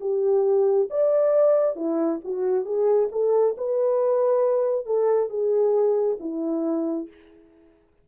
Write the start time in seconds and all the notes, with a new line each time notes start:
0.00 G4
0.90 D5
1.75 E4
2.24 F#4
2.65 G#4
3.12 A4
3.57 B4
4.85 A4
5.29 G#4
6.20 E4